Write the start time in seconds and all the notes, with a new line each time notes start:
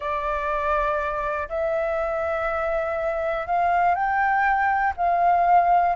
0.00 D5
1.48 E5
3.47 F5
3.94 G5
4.97 F5